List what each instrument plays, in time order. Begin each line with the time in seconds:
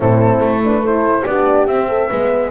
0.00 double bass A2, horn C4 E4, flute A4
0.39 double bass A3
0.64 horn D4, flute B4
0.79 horn E4 A4, flute C5
1.24 double bass B3, horn D4 G4, flute D5
1.66 double bass C4, horn C4, flute E5
1.88 horn A4
2.08 double bass G#3, horn B3 B4